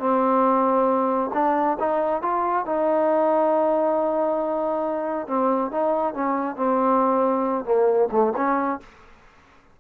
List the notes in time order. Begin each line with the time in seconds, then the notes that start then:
0.00 C4
1.34 D4
1.80 D#4
2.22 F4
2.66 D#4
5.28 C4
5.72 D#4
6.15 C#4
6.57 C4
7.65 A#3
8.12 A3
8.37 C#4